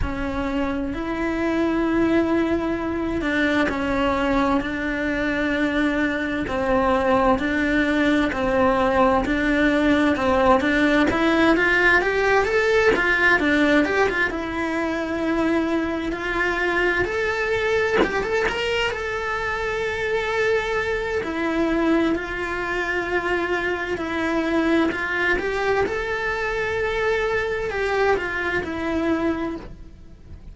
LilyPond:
\new Staff \with { instrumentName = "cello" } { \time 4/4 \tempo 4 = 65 cis'4 e'2~ e'8 d'8 | cis'4 d'2 c'4 | d'4 c'4 d'4 c'8 d'8 | e'8 f'8 g'8 a'8 f'8 d'8 g'16 f'16 e'8~ |
e'4. f'4 a'4 g'16 a'16 | ais'8 a'2~ a'8 e'4 | f'2 e'4 f'8 g'8 | a'2 g'8 f'8 e'4 | }